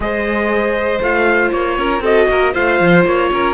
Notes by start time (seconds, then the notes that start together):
0.00 G#3 G#4 C5 D#5
1.00 A3 F4 F5
1.52 A#3 C#5
1.77 C#4 A#4
2.00 C4 F#4 A4 D#5
2.29 A#3 A#4
2.53 A3 F4 C5 F5
2.79 F3
3.05 A#3 C#5
3.32 C#4 A#4